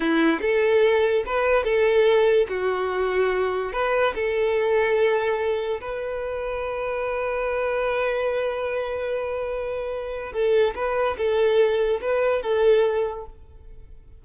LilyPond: \new Staff \with { instrumentName = "violin" } { \time 4/4 \tempo 4 = 145 e'4 a'2 b'4 | a'2 fis'2~ | fis'4 b'4 a'2~ | a'2 b'2~ |
b'1~ | b'1~ | b'4 a'4 b'4 a'4~ | a'4 b'4 a'2 | }